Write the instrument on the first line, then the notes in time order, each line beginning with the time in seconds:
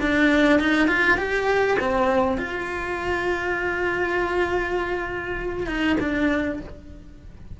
cello
0.00 D4
0.59 D#4
0.87 F4
1.17 G4
1.79 C4
2.37 F4
5.66 D#4
6.00 D4